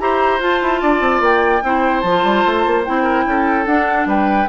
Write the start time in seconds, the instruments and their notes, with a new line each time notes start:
0.00 bassoon E4, clarinet G4, oboe C5, flute A#5
0.40 bassoon F4, clarinet F4, flute A5
0.62 bassoon E4
0.82 bassoon D4, oboe D5
1.01 bassoon C4
1.21 bassoon A#3, flute G5
1.63 bassoon C4, clarinet E4, oboe C5
2.01 bassoon F3, flute A5
2.08 clarinet F4
2.24 bassoon G3
2.46 bassoon A3
2.66 bassoon A#3
2.85 bassoon C4, clarinet E4, flute G5
3.03 oboe A#4
3.26 bassoon C#4, oboe A4
3.66 bassoon D4, clarinet D4, flute F#5
4.06 bassoon G3, oboe B4, flute G5